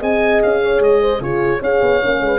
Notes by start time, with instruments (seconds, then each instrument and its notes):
0.00 tuba C4, horn G#4 D#5, oboe G#5
0.43 tuba C#4, oboe F5
0.63 horn C#5
0.80 tuba G#3, oboe D#5
1.02 horn C5
1.20 tuba C#3, horn F4 G#4, oboe C#5
1.60 tuba C#4, horn G#4 C#5, oboe F5
1.82 tuba B3
2.02 tuba A#3, horn C#4
2.21 tuba G#3, horn B4